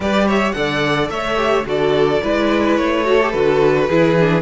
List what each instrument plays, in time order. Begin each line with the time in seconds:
0.00 cello G3, viola G4, violin B4 D5
0.27 violin C#5 E5
0.52 cello D3, viola A4, violin D5 F#5
1.09 cello A3, violin C#5 E5
1.36 viola G4
1.65 cello D3, viola F#4, violin A4 D5
2.23 cello G#3, viola E4, violin B4
2.77 cello A3, violin C#5
3.05 viola F#4, violin A4
3.21 viola G4
3.30 cello D3, viola F#4, violin B4
3.87 cello E3, viola E4, violin G#4
4.19 viola D4